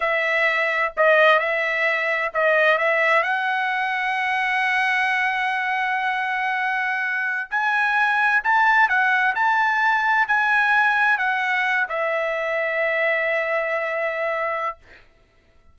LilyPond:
\new Staff \with { instrumentName = "trumpet" } { \time 4/4 \tempo 4 = 130 e''2 dis''4 e''4~ | e''4 dis''4 e''4 fis''4~ | fis''1~ | fis''1~ |
fis''16 gis''2 a''4 fis''8.~ | fis''16 a''2 gis''4.~ gis''16~ | gis''16 fis''4. e''2~ e''16~ | e''1 | }